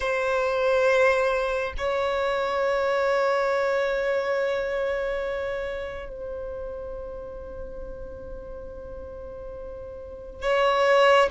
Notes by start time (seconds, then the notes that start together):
0.00 C5
1.77 C#5
6.09 C5
10.42 C#5